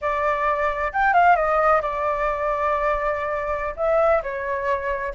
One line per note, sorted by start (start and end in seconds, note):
0.01 0.92 D5
0.92 1.13 G5
1.13 1.36 F5
1.36 1.81 D#5
1.81 3.74 D5
3.76 4.21 E5
4.22 5.13 C#5